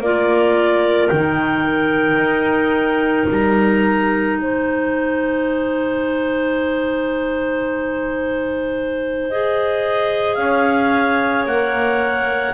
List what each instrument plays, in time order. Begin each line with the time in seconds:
0.00 double bass A#3, clarinet F4 A#4 D5
1.07 double bass D#3, clarinet D#4 G5
2.16 double bass D#4
3.30 double bass G3, clarinet A#5
4.38 double bass G#3, clarinet C5 G#5
9.29 clarinet G#4 D#5
10.35 double bass C#4, clarinet C#5 F5
11.45 double bass A#3, clarinet A#4 F#5